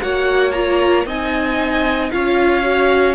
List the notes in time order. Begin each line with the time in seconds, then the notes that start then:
0.00 A#3 F#4 C#5 F#5
0.51 F4 A#5
1.05 C4 D#4 D#5 G#5
2.11 C#4 F4 C#5 F5
2.62 F#4